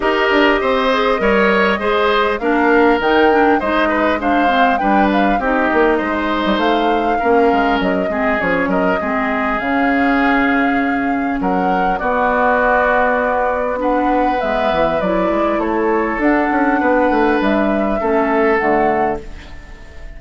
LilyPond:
<<
  \new Staff \with { instrumentName = "flute" } { \time 4/4 \tempo 4 = 100 dis''1 | f''4 g''4 dis''4 f''4 | g''8 f''8 dis''2 f''4~ | f''4 dis''4 cis''8 dis''4. |
f''2. fis''4 | d''2. fis''4 | e''4 d''4 cis''4 fis''4~ | fis''4 e''2 fis''4 | }
  \new Staff \with { instrumentName = "oboe" } { \time 4/4 ais'4 c''4 cis''4 c''4 | ais'2 c''8 b'8 c''4 | b'4 g'4 c''2 | ais'4. gis'4 ais'8 gis'4~ |
gis'2. ais'4 | fis'2. b'4~ | b'2 a'2 | b'2 a'2 | }
  \new Staff \with { instrumentName = "clarinet" } { \time 4/4 g'4. gis'8 ais'4 gis'4 | d'4 dis'8 d'8 dis'4 d'8 c'8 | d'4 dis'2. | cis'4. c'8 cis'4 c'4 |
cis'1 | b2. d'4 | b4 e'2 d'4~ | d'2 cis'4 a4 | }
  \new Staff \with { instrumentName = "bassoon" } { \time 4/4 dis'8 d'8 c'4 g4 gis4 | ais4 dis4 gis2 | g4 c'8 ais8 gis8. g16 a4 | ais8 gis8 fis8 gis8 f8 fis8 gis4 |
cis2. fis4 | b1 | gis8 e8 fis8 gis8 a4 d'8 cis'8 | b8 a8 g4 a4 d4 | }
>>